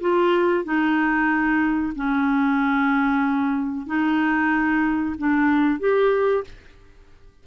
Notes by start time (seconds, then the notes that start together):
0.00 F4
0.64 D#4
1.95 C#4
3.86 D#4
5.18 D4
5.79 G4